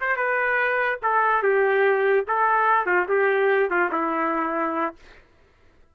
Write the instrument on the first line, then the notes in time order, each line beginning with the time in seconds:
trumpet
0.00 C5
0.16 B4
1.02 A4
1.42 G4
2.27 A4
2.85 F4
3.08 G4
3.70 F4
3.92 E4